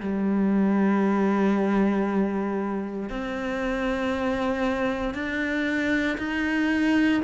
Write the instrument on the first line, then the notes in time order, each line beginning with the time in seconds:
cello
0.00 G3
3.09 C4
5.14 D4
6.18 D#4